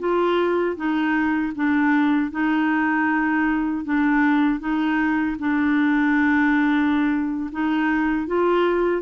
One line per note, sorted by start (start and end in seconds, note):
0.00 0.77 F4
0.77 1.53 D#4
1.56 2.31 D4
2.31 3.85 D#4
3.85 4.60 D4
4.60 5.37 D#4
5.39 7.51 D4
7.52 8.27 D#4
8.27 9.02 F4